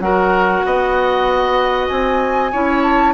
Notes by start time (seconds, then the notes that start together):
0.00 F#3 F#4 A#4 F#5
0.65 B3 D#5
1.88 C4 G#5
2.52 C#4 E4 C#5
2.83 A5